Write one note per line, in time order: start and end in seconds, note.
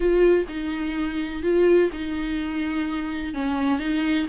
0.00 0.45 F4
0.48 1.42 D#4
1.42 1.90 F4
1.92 3.33 D#4
3.33 3.79 C#4
3.79 4.26 D#4